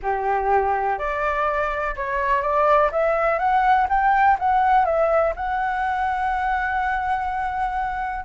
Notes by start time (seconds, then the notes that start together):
0.02 G4
0.98 D5
1.96 C#5
2.41 D5
2.91 E5
3.38 F#5
3.89 G5
4.39 F#5
4.85 E5
5.36 F#5